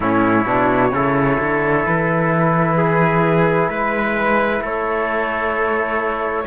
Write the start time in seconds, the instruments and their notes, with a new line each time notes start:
0.00 cello A2, trombone C#4, trumpet E4, flute C#5
0.45 cello B2, trombone D4
0.91 cello C#3, trombone E4, trumpet A4
1.39 cello D3
1.85 cello E3, flute B4
2.77 trumpet G#4
3.68 cello G#3, trumpet B4
4.60 cello A3, trumpet A4, flute C#5